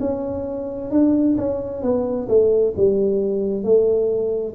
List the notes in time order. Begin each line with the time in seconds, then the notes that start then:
0.00 C#4
0.91 D4
1.38 C#4
1.83 B3
2.29 A3
2.76 G3
3.64 A3